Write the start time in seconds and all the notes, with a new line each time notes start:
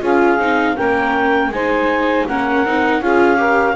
0.00 C#4 F4 G#4 F5
0.39 C4 D#4
0.76 A#3 C#4 A#4 G5
1.49 G#3 D#4 C5 G#5
2.27 A#3 C#4 A#4 F#5
2.65 C4 D#4
3.01 C#4 F4 G#4 F5
3.36 G4 A#4